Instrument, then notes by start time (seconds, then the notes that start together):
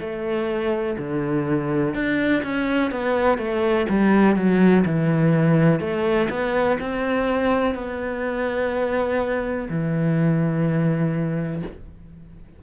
cello
0.00 A3
0.98 D3
1.94 D4
2.43 C#4
2.91 B3
3.38 A3
3.89 G3
4.36 F#3
4.85 E3
5.80 A3
6.29 B3
6.80 C4
7.75 B3
9.69 E3